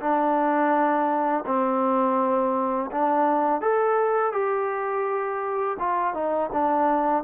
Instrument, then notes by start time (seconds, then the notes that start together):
trombone
0.00 D4
1.46 C4
2.91 D4
3.61 A4
4.32 G4
5.79 F4
6.14 D#4
6.53 D4